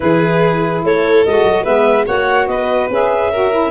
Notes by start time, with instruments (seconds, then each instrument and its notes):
0.00 tuba E3, saxophone E4, violin G#4, clarinet B4
0.83 tuba A3, violin A4, clarinet C#5
1.25 tuba G#3, saxophone F#4, clarinet D#5
1.43 tuba F#3
1.63 tuba G#3, saxophone B3, violin B4, clarinet E5
2.06 tuba A#3, saxophone F#4, violin C#5, clarinet F#5
2.47 tuba B3, violin B4, clarinet D#5
2.90 tuba C#4, saxophone G#4, clarinet E5
3.31 saxophone F#4, violin A#4
3.51 saxophone E4